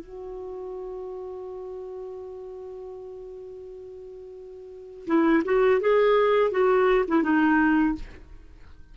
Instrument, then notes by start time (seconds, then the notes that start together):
clarinet
0.00 F#4
5.07 E4
5.45 F#4
5.81 G#4
6.51 F#4
7.08 E4
7.23 D#4